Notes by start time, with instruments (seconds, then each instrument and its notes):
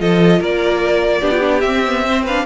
0.00 cello F3, viola F4, violin A4 D#5
0.39 cello A#3, violin A#4 D5
1.20 cello B3, viola D4, violin G4
1.31 viola F4
1.40 viola D4
1.60 cello C4, violin E5
1.67 viola C4
1.86 viola B3
2.06 viola C4, violin C5
2.24 viola D4, violin B4 F5